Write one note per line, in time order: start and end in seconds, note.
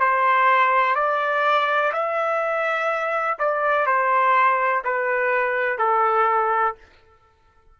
0.00 0.95 C5
0.95 1.92 D5
1.93 3.38 E5
3.38 3.86 D5
3.86 4.83 C5
4.84 5.78 B4
5.78 6.75 A4